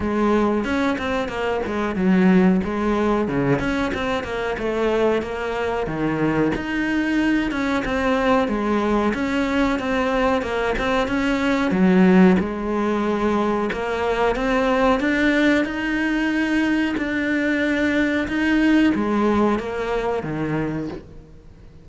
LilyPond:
\new Staff \with { instrumentName = "cello" } { \time 4/4 \tempo 4 = 92 gis4 cis'8 c'8 ais8 gis8 fis4 | gis4 cis8 cis'8 c'8 ais8 a4 | ais4 dis4 dis'4. cis'8 | c'4 gis4 cis'4 c'4 |
ais8 c'8 cis'4 fis4 gis4~ | gis4 ais4 c'4 d'4 | dis'2 d'2 | dis'4 gis4 ais4 dis4 | }